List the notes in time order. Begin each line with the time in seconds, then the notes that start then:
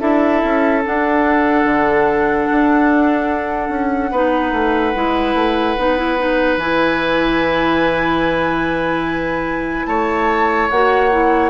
0.00 D4 E4 A4 E5
0.44 C#4
0.83 D4 F#5
1.64 D3
2.51 D4
3.69 C#4
4.11 B3 D#4 B4
4.52 A3
4.95 G#3 E4
5.34 A3
5.78 B3 D#4
5.97 E4
6.18 D#4
6.57 E3 E4 G#5
9.86 A3 C#5 A5
10.70 A#3 F#4 F#5
11.11 E4